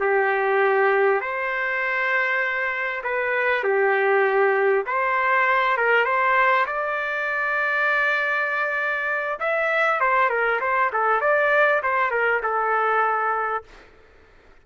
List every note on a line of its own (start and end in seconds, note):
0.00 1.20 G4
1.20 3.02 C5
3.04 3.64 B4
3.64 4.85 G4
4.86 5.77 C5
5.77 6.05 A#4
6.05 6.65 C5
6.66 9.39 D5
9.39 10.00 E5
10.00 10.29 C5
10.29 10.60 A#4
10.60 10.91 C5
10.93 11.21 A4
11.21 11.81 D5
11.83 12.11 C5
12.11 12.41 A#4
12.42 13.64 A4